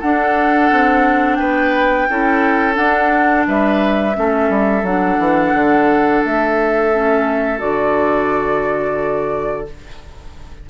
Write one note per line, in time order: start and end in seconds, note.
0.00 0.71 D4
0.00 2.10 D4
0.00 1.38 A4
0.00 1.36 F#5
0.72 1.40 C4
1.36 2.08 B3
1.36 2.08 B4
1.36 2.74 G5
2.10 2.78 C#4
2.10 2.74 E4
2.10 3.48 A4
2.74 4.12 D4
2.74 3.47 D4
2.74 3.45 F#5
3.48 4.17 G3
3.48 4.17 B4
3.48 4.86 E5
4.14 4.50 A3
4.14 4.83 C#4
4.14 9.70 A4
4.50 4.83 G3
4.83 5.18 F#3
4.83 6.93 D4
4.83 6.24 F#5
5.19 5.54 E3
5.54 6.23 D3
6.25 7.62 A3
6.25 7.60 E5
6.93 7.58 C#4
7.58 9.69 D3
7.58 9.65 F#4
7.58 9.67 D5